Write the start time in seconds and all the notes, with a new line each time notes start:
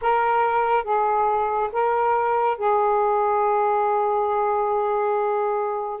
0.01 A#4
0.84 G#4
1.72 A#4
2.57 G#4